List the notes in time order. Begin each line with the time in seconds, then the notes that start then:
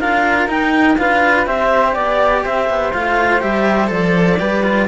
0.00 D4 F4 A#4 F5
0.47 D#4 G5
0.98 D4 F4 B4 F5
1.46 C4 G4 C5 E5
1.93 B3 D5
2.44 C4 C5 E5
2.69 B3
2.93 A3 F4 F5
3.40 G3 G4 E5
3.88 F3 A4 D5
4.40 G3 G4 B4
4.64 F4